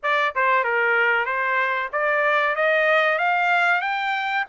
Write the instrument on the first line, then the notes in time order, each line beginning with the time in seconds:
trumpet
0.03 D5
0.35 C5
0.64 A#4
1.25 C5
1.92 D5
2.55 D#5
3.18 F5
3.81 G5